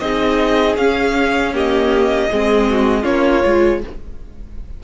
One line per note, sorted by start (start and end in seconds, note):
0.00 0.77 C4
0.00 0.78 D#4
0.00 1.54 G#4
0.00 0.76 D#5
0.77 2.28 C#4
0.77 1.53 C#4
0.77 1.53 F5
1.53 2.29 A#3
1.53 2.30 G4
1.53 3.04 D#5
2.31 3.05 G#3
2.31 3.03 C4
2.31 2.69 G#4
2.70 3.02 F#4
3.02 3.43 A#3
3.02 3.41 C#4
3.02 3.78 F4
3.02 3.80 C#5
3.44 3.83 G#3
3.44 3.81 F4